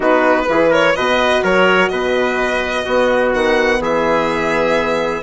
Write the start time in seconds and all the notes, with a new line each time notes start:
0.00 B3 D#4 F#4 B4
0.48 E3 E4 G#4
0.69 A#4 C#5
0.95 B2 F#4 B4 D#5
1.43 F#3 A#4 C#5
1.88 B2 B4 D#5
2.84 B3 F#4
3.33 D#3 F#5
3.79 E3 G#4 E5